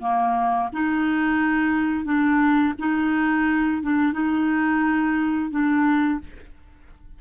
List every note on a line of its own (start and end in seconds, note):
0.00 0.69 A#3
0.72 2.04 D#4
2.04 2.73 D4
2.78 3.82 D#4
3.82 4.13 D4
4.13 5.50 D#4
5.50 6.19 D4